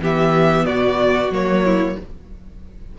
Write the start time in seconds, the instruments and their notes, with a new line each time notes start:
0.00 cello E3, viola B3, violin G4 E5
0.65 cello B2, violin F#4 D5
1.30 cello F#3, viola A#3, violin C#5
1.65 violin E4